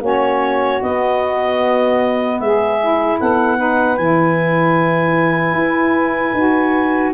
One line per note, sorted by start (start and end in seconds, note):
0.00 0.79 A#3
0.00 0.80 C#4
0.00 2.37 F#4
0.00 0.82 C#5
0.80 2.78 B3
0.80 2.40 B3
0.80 2.39 D#5
2.39 3.19 G#3
2.39 3.19 G#4
2.39 3.18 E5
2.80 3.57 E4
3.19 3.98 B3
3.19 3.56 A4
3.19 3.96 F#5
3.56 3.96 D#4
3.56 7.12 B4
3.96 5.53 E3
3.96 6.36 E4
3.96 7.12 G#5
5.53 6.32 E4
6.33 7.12 D#4
6.33 7.13 F#4